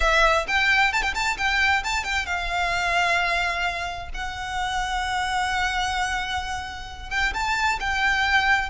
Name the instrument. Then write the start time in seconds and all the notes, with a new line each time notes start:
violin
0.00 E5
0.47 G5
0.92 A5
1.02 G5
1.14 A5
1.37 G5
1.83 A5
2.04 G5
2.26 F5
4.13 F#5
7.10 G5
7.33 A5
7.80 G5